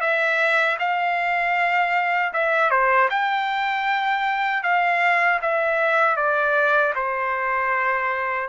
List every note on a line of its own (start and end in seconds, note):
0.00 0.77 E5
0.79 2.33 F5
2.33 2.70 E5
2.70 3.09 C5
3.10 4.63 G5
4.63 5.40 F5
5.41 6.16 E5
6.16 6.93 D5
6.95 8.49 C5